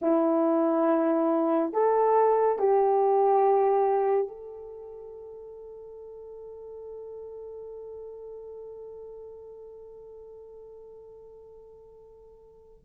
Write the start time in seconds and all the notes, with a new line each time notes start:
0.01 E4
1.73 A4
2.58 G4
4.27 A4